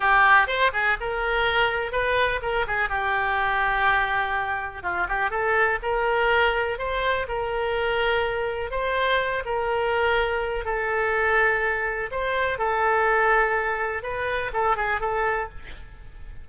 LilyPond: \new Staff \with { instrumentName = "oboe" } { \time 4/4 \tempo 4 = 124 g'4 c''8 gis'8 ais'2 | b'4 ais'8 gis'8 g'2~ | g'2 f'8 g'8 a'4 | ais'2 c''4 ais'4~ |
ais'2 c''4. ais'8~ | ais'2 a'2~ | a'4 c''4 a'2~ | a'4 b'4 a'8 gis'8 a'4 | }